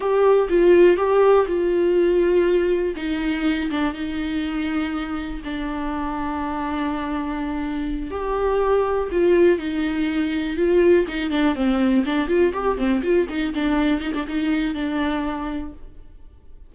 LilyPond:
\new Staff \with { instrumentName = "viola" } { \time 4/4 \tempo 4 = 122 g'4 f'4 g'4 f'4~ | f'2 dis'4. d'8 | dis'2. d'4~ | d'1~ |
d'8 g'2 f'4 dis'8~ | dis'4. f'4 dis'8 d'8 c'8~ | c'8 d'8 f'8 g'8 c'8 f'8 dis'8 d'8~ | d'8 dis'16 d'16 dis'4 d'2 | }